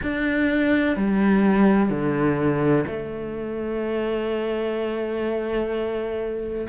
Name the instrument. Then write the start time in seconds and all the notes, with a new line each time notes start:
cello
0.02 D4
0.96 G3
1.89 D3
2.86 A3